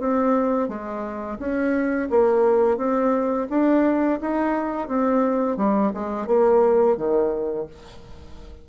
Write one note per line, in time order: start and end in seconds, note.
0.00 0.69 C4
0.69 1.39 G#3
1.40 2.09 C#4
2.10 2.78 A#3
2.78 3.48 C4
3.50 4.20 D4
4.21 4.89 D#4
4.89 5.57 C4
5.57 5.92 G3
5.95 6.27 G#3
6.27 6.97 A#3
6.97 7.67 D#3